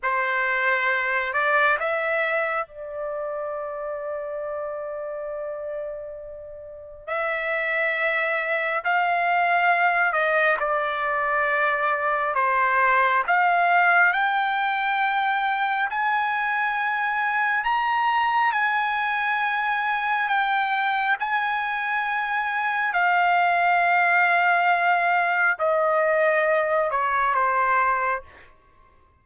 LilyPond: \new Staff \with { instrumentName = "trumpet" } { \time 4/4 \tempo 4 = 68 c''4. d''8 e''4 d''4~ | d''1 | e''2 f''4. dis''8 | d''2 c''4 f''4 |
g''2 gis''2 | ais''4 gis''2 g''4 | gis''2 f''2~ | f''4 dis''4. cis''8 c''4 | }